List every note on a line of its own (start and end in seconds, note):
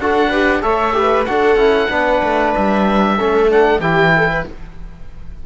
0.00 0.63 D4
0.00 0.32 F#4
0.00 0.29 A4
0.00 0.63 F#5
0.29 0.62 G4
0.29 0.61 B4
0.62 1.27 A3
0.62 0.94 A4
0.62 0.95 C#5
0.62 1.25 E5
0.94 1.26 G4
0.94 1.30 B4
1.25 1.56 D4
1.25 1.58 F#4
1.25 1.90 A4
1.25 2.53 F#5
1.56 1.88 C#4
1.56 1.90 E4
1.90 2.23 B3
1.90 3.18 D4
1.90 3.18 B4
2.23 2.55 A3
2.55 3.20 G3
2.55 3.51 E5
3.18 3.80 A3
3.18 3.49 C#4
3.18 3.81 A4
3.49 3.81 D4
3.49 3.81 F#5
3.80 4.44 E3
3.80 4.46 E4
3.80 4.12 G4
3.80 4.45 G5
4.17 4.30 A4
4.30 4.46 B4